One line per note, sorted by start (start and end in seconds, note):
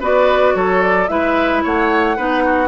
0.00 0.55 B3
0.00 1.08 F#4
0.00 0.54 B4
0.00 0.55 D5
0.55 1.09 F#3
0.55 1.10 A4
0.55 0.82 C#5
0.82 1.08 D5
1.08 1.63 G#3
1.08 2.16 E4
1.08 1.63 B4
1.08 1.62 E5
1.63 2.17 A3
1.63 2.17 C#5
1.63 2.68 F#5
2.17 2.68 B3
2.17 2.68 D#4
2.17 2.44 B4
2.44 2.68 F#4